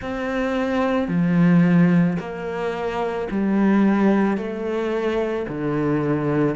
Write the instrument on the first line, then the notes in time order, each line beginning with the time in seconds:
cello
0.01 C4
1.08 F3
2.19 A#3
3.30 G3
4.37 A3
5.48 D3